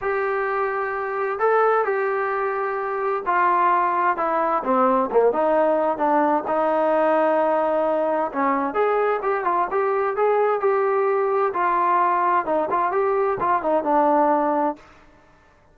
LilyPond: \new Staff \with { instrumentName = "trombone" } { \time 4/4 \tempo 4 = 130 g'2. a'4 | g'2. f'4~ | f'4 e'4 c'4 ais8 dis'8~ | dis'4 d'4 dis'2~ |
dis'2 cis'4 gis'4 | g'8 f'8 g'4 gis'4 g'4~ | g'4 f'2 dis'8 f'8 | g'4 f'8 dis'8 d'2 | }